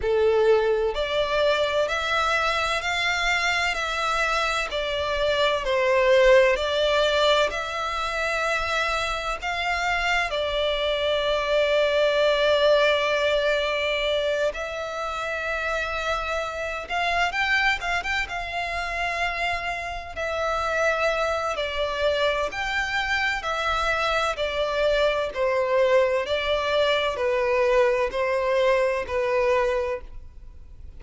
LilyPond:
\new Staff \with { instrumentName = "violin" } { \time 4/4 \tempo 4 = 64 a'4 d''4 e''4 f''4 | e''4 d''4 c''4 d''4 | e''2 f''4 d''4~ | d''2.~ d''8 e''8~ |
e''2 f''8 g''8 f''16 g''16 f''8~ | f''4. e''4. d''4 | g''4 e''4 d''4 c''4 | d''4 b'4 c''4 b'4 | }